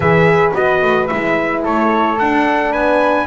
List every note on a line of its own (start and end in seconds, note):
0.00 0.52 E3
0.00 0.54 G#4
0.00 1.63 B4
0.00 0.52 E5
0.54 0.82 B3
0.54 1.09 F#4
0.54 1.07 D#5
0.82 1.09 A3
1.07 1.66 G#3
1.07 2.18 E4
1.07 1.61 E5
1.63 2.20 A3
1.63 2.71 A4
1.63 2.18 C#5
2.18 3.27 D4
2.18 2.74 D4
2.18 2.72 F#5
2.71 3.27 B3
2.71 3.26 B4
2.71 3.27 G#5